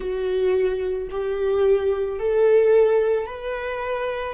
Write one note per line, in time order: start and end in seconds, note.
0.00 1.08 F#4
1.10 2.19 G4
2.19 3.26 A4
3.26 4.33 B4